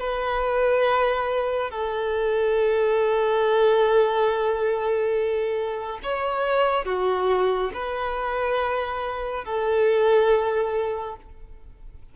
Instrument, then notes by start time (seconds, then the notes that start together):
violin
0.00 B4
1.71 A4
6.04 C#5
6.86 F#4
7.74 B4
9.45 A4